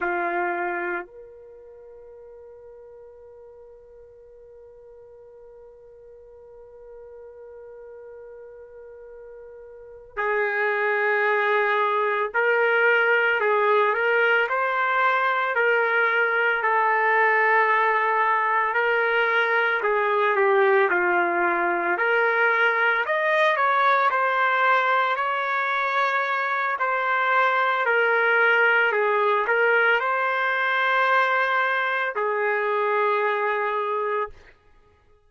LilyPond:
\new Staff \with { instrumentName = "trumpet" } { \time 4/4 \tempo 4 = 56 f'4 ais'2.~ | ais'1~ | ais'4. gis'2 ais'8~ | ais'8 gis'8 ais'8 c''4 ais'4 a'8~ |
a'4. ais'4 gis'8 g'8 f'8~ | f'8 ais'4 dis''8 cis''8 c''4 cis''8~ | cis''4 c''4 ais'4 gis'8 ais'8 | c''2 gis'2 | }